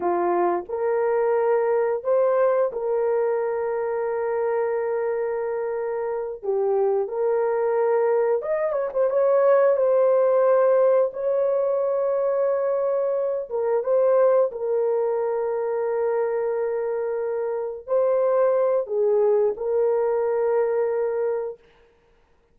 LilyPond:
\new Staff \with { instrumentName = "horn" } { \time 4/4 \tempo 4 = 89 f'4 ais'2 c''4 | ais'1~ | ais'4. g'4 ais'4.~ | ais'8 dis''8 cis''16 c''16 cis''4 c''4.~ |
c''8 cis''2.~ cis''8 | ais'8 c''4 ais'2~ ais'8~ | ais'2~ ais'8 c''4. | gis'4 ais'2. | }